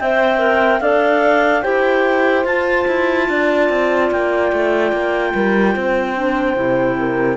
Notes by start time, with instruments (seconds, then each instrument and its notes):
0.00 cello C4, clarinet C5 G5, horn E5
0.39 clarinet A#4
0.80 cello D4, clarinet A4 F5, horn D5
1.62 cello E4, clarinet G4 G5, horn C5
2.45 cello F4, clarinet F4 A5
2.88 cello E4
3.29 cello D4, horn D5
3.70 cello C4
4.11 cello A#3, clarinet G5
4.53 cello A3
4.93 cello A#3
5.35 cello G3, horn A#4
5.75 cello C4, horn C5
6.16 clarinet D4
6.56 cello C3, clarinet E4
6.99 horn A#4